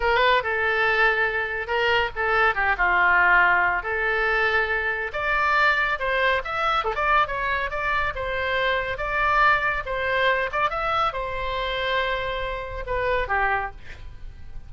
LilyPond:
\new Staff \with { instrumentName = "oboe" } { \time 4/4 \tempo 4 = 140 b'4 a'2. | ais'4 a'4 g'8 f'4.~ | f'4 a'2. | d''2 c''4 e''4 |
a'16 d''8. cis''4 d''4 c''4~ | c''4 d''2 c''4~ | c''8 d''8 e''4 c''2~ | c''2 b'4 g'4 | }